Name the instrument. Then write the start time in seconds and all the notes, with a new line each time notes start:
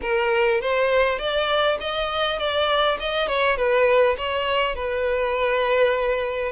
violin
0.01 A#4
0.60 C5
1.18 D5
1.80 D#5
2.38 D5
2.99 D#5
3.27 C#5
3.56 B4
4.17 C#5
4.75 B4